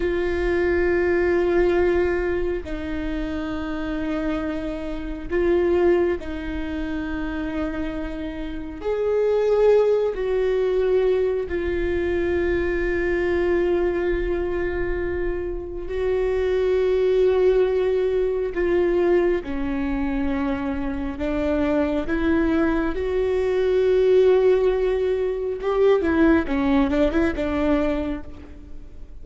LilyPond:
\new Staff \with { instrumentName = "viola" } { \time 4/4 \tempo 4 = 68 f'2. dis'4~ | dis'2 f'4 dis'4~ | dis'2 gis'4. fis'8~ | fis'4 f'2.~ |
f'2 fis'2~ | fis'4 f'4 cis'2 | d'4 e'4 fis'2~ | fis'4 g'8 e'8 cis'8 d'16 e'16 d'4 | }